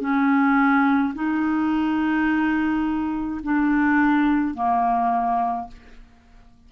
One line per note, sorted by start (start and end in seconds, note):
0.00 1.13 C#4
1.14 3.41 D#4
3.43 4.54 D4
4.54 5.67 A#3